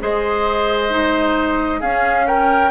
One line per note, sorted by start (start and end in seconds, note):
0.00 1.82 G#3
0.00 0.90 G#4
0.00 1.81 C5
0.00 1.82 D#5
0.90 1.81 D#4
1.81 2.72 C#4
1.81 2.26 G#4
1.81 2.27 F5
2.27 2.72 A#4
2.27 2.72 G5